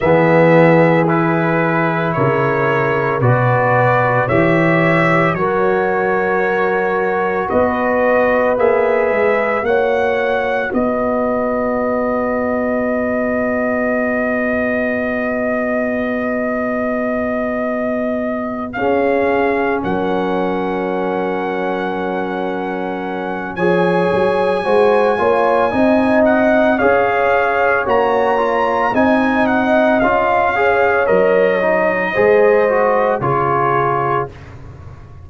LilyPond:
<<
  \new Staff \with { instrumentName = "trumpet" } { \time 4/4 \tempo 4 = 56 e''4 b'4 cis''4 d''4 | e''4 cis''2 dis''4 | e''4 fis''4 dis''2~ | dis''1~ |
dis''4. f''4 fis''4.~ | fis''2 gis''2~ | gis''8 fis''8 f''4 ais''4 gis''8 fis''8 | f''4 dis''2 cis''4 | }
  \new Staff \with { instrumentName = "horn" } { \time 4/4 gis'2 ais'4 b'4 | cis''4 ais'2 b'4~ | b'4 cis''4 b'2~ | b'1~ |
b'4. gis'4 ais'4.~ | ais'2 cis''4 c''8 cis''8 | dis''4 cis''2 dis''4~ | dis''8 cis''4. c''4 gis'4 | }
  \new Staff \with { instrumentName = "trombone" } { \time 4/4 b4 e'2 fis'4 | g'4 fis'2. | gis'4 fis'2.~ | fis'1~ |
fis'4. cis'2~ cis'8~ | cis'2 gis'4 fis'8 f'8 | dis'4 gis'4 fis'8 f'8 dis'4 | f'8 gis'8 ais'8 dis'8 gis'8 fis'8 f'4 | }
  \new Staff \with { instrumentName = "tuba" } { \time 4/4 e2 cis4 b,4 | e4 fis2 b4 | ais8 gis8 ais4 b2~ | b1~ |
b4. cis'4 fis4.~ | fis2 f8 fis8 gis8 ais8 | c'4 cis'4 ais4 c'4 | cis'4 fis4 gis4 cis4 | }
>>